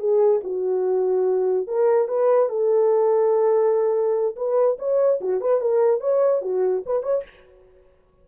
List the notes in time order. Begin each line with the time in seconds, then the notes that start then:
0.00 G#4
0.44 F#4
1.67 A#4
2.08 B4
2.50 A4
4.36 B4
4.79 C#5
5.21 F#4
5.41 B4
5.61 A#4
6.01 C#5
6.42 F#4
6.86 B4
7.03 C#5